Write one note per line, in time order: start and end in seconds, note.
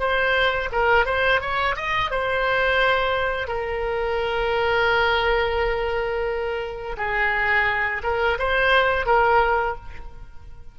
0.00 0.70 C5
0.72 1.06 A#4
1.06 1.41 C5
1.41 1.76 C#5
1.76 2.11 D#5
2.12 3.48 C5
3.48 6.97 A#4
6.98 8.02 G#4
8.04 8.38 A#4
8.39 9.06 C5
9.06 9.76 A#4